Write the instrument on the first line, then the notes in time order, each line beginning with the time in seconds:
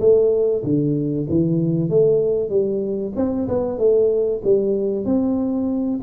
tuba
0.00 A3
0.64 D3
1.29 E3
1.90 A3
2.50 G3
3.16 C4
3.48 B3
3.78 A3
4.44 G3
5.06 C4